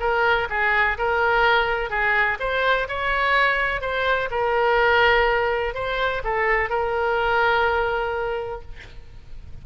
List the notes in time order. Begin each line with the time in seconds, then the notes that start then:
0.00 A#4
0.50 G#4
0.98 A#4
1.90 G#4
2.40 C5
2.88 C#5
3.81 C5
4.31 A#4
5.74 C5
6.24 A4
6.69 A#4